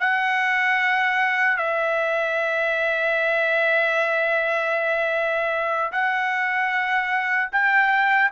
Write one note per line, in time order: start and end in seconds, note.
0.00 1.57 F#5
1.57 5.91 E5
5.92 7.50 F#5
7.52 8.31 G5